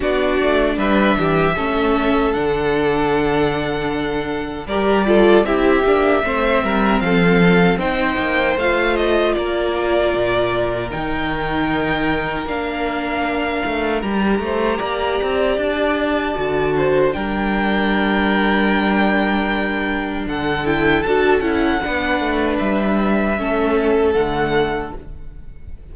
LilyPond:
<<
  \new Staff \with { instrumentName = "violin" } { \time 4/4 \tempo 4 = 77 d''4 e''2 fis''4~ | fis''2 d''4 e''4~ | e''4 f''4 g''4 f''8 dis''8 | d''2 g''2 |
f''2 ais''2 | a''2 g''2~ | g''2 fis''8 g''8 a''8 fis''8~ | fis''4 e''2 fis''4 | }
  \new Staff \with { instrumentName = "violin" } { \time 4/4 fis'4 b'8 g'8 a'2~ | a'2 ais'8 a'8 g'4 | c''8 ais'8 a'4 c''2 | ais'1~ |
ais'2~ ais'8 c''8 d''4~ | d''4. c''8 ais'2~ | ais'2 a'2 | b'2 a'2 | }
  \new Staff \with { instrumentName = "viola" } { \time 4/4 d'2 cis'4 d'4~ | d'2 g'8 f'8 e'8 d'8 | c'2 dis'4 f'4~ | f'2 dis'2 |
d'2 g'2~ | g'4 fis'4 d'2~ | d'2~ d'8 e'8 fis'8 e'8 | d'2 cis'4 a4 | }
  \new Staff \with { instrumentName = "cello" } { \time 4/4 b8 a8 g8 e8 a4 d4~ | d2 g4 c'8 ais8 | a8 g8 f4 c'8 ais8 a4 | ais4 ais,4 dis2 |
ais4. a8 g8 a8 ais8 c'8 | d'4 d4 g2~ | g2 d4 d'8 cis'8 | b8 a8 g4 a4 d4 | }
>>